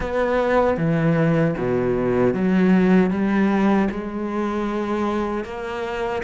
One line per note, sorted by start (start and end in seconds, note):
0.00 0.77 B3
0.77 1.55 E3
1.57 2.34 B2
2.34 3.10 F#3
3.10 3.88 G3
3.90 5.44 G#3
5.44 6.22 A#3